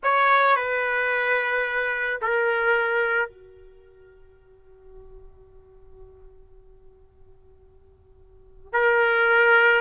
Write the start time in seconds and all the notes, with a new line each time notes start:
0.03 C#5
0.56 B4
2.21 A#4
3.29 F#4
8.73 A#4